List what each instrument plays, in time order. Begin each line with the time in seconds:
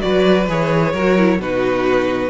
0.00 cello F#3, viola F#4, violin B4 D5
0.49 cello E3, viola G#4, violin C#5
0.93 cello F#3, viola F#4, violin A#4
1.18 viola E4
1.39 cello B2, viola D#4, violin F#4 B4